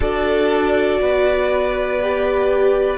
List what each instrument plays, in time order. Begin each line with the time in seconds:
0.00 cello D4, viola F#4, violin A4 D5
1.01 cello B3, violin B4
2.01 viola G4